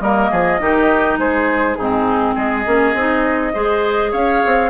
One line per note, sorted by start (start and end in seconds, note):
0.00 0.30 G3
0.00 0.59 A#3
0.00 0.31 A#4
0.00 1.18 D#5
0.31 0.61 F3
0.31 0.60 G#4
0.59 1.18 D#3
0.59 1.77 D#4
0.59 1.20 G4
1.18 1.77 G#3
1.18 1.78 G#4
1.18 1.76 C5
1.76 2.36 G#2
1.76 2.66 C4
1.76 2.35 D#4
1.76 2.34 G#4
2.35 2.66 G#3
2.35 3.53 G#4
2.35 4.13 D#5
2.66 2.94 A#3
2.66 2.95 C#4
2.94 3.53 C4
2.94 3.54 D#4
3.54 4.13 G#3
3.54 4.70 G#4
3.54 4.12 C5
4.12 4.43 C#4
4.12 4.70 C#5
4.12 4.70 F5
4.46 4.70 C4